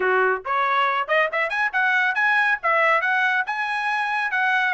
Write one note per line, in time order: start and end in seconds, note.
0.00 0.42 F#4
0.45 1.07 C#5
1.07 1.29 D#5
1.32 1.49 E5
1.49 1.71 G#5
1.73 2.14 F#5
2.14 2.58 G#5
2.62 3.01 E5
3.01 3.44 F#5
3.46 4.31 G#5
4.31 4.74 F#5